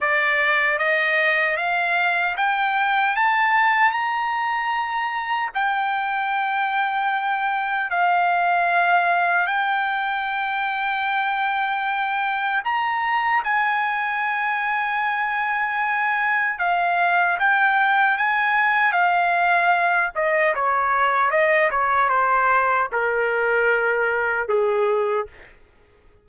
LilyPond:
\new Staff \with { instrumentName = "trumpet" } { \time 4/4 \tempo 4 = 76 d''4 dis''4 f''4 g''4 | a''4 ais''2 g''4~ | g''2 f''2 | g''1 |
ais''4 gis''2.~ | gis''4 f''4 g''4 gis''4 | f''4. dis''8 cis''4 dis''8 cis''8 | c''4 ais'2 gis'4 | }